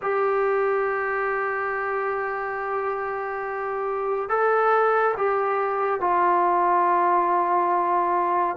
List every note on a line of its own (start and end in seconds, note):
0.02 4.29 G4
4.29 5.14 A4
5.17 6.00 G4
6.00 8.56 F4